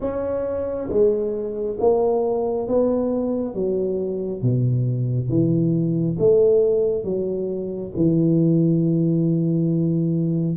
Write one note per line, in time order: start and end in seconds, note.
0.00 0.89 C#4
0.89 1.77 G#3
1.79 2.68 A#3
2.68 3.54 B3
3.54 4.42 F#3
4.42 5.29 B2
5.29 6.17 E3
6.18 7.03 A3
7.03 7.92 F#3
7.96 10.57 E3